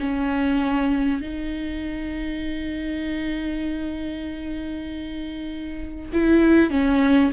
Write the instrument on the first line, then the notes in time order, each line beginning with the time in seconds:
viola
0.00 C#4
1.21 D#4
6.13 E4
6.70 C#4